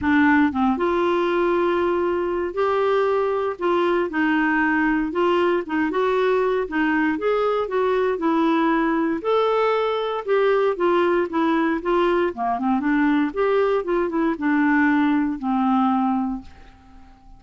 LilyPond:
\new Staff \with { instrumentName = "clarinet" } { \time 4/4 \tempo 4 = 117 d'4 c'8 f'2~ f'8~ | f'4 g'2 f'4 | dis'2 f'4 dis'8 fis'8~ | fis'4 dis'4 gis'4 fis'4 |
e'2 a'2 | g'4 f'4 e'4 f'4 | ais8 c'8 d'4 g'4 f'8 e'8 | d'2 c'2 | }